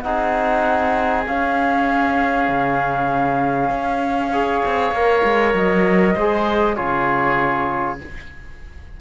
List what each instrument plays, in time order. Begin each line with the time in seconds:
0.00 cello C4, trombone D#4, oboe G#4, flute F#5
1.26 trombone C#4, cello C#4, flute F5
2.48 cello C#3
3.70 cello C#4
4.31 trombone G#4, oboe C#5
4.65 cello C4
4.91 cello A#3, trombone A#4
5.23 cello G#3
5.54 cello F#3, flute D#5
6.14 cello G#3, trombone G#4, oboe C5
6.75 cello C#3, trombone F4, oboe G#4, flute C#5